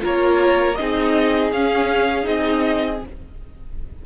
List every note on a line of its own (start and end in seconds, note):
0.00 0.80 A#3
0.00 0.75 F4
0.00 0.78 A#4
0.00 0.75 C#5
0.75 1.52 C4
0.75 1.53 D#4
0.75 3.05 G#4
0.75 1.50 D#5
1.52 2.27 C#4
1.52 2.23 C#4
1.52 2.26 F5
2.23 3.02 C4
2.23 2.98 D#4
2.23 3.01 D#5